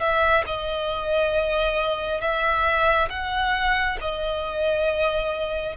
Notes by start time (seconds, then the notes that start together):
0.00 E5
0.46 D#5
2.21 E5
3.10 F#5
4.01 D#5